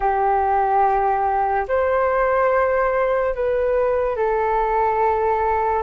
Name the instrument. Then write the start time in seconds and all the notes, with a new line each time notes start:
flute
0.00 G4
1.68 C5
3.34 B4
4.16 A4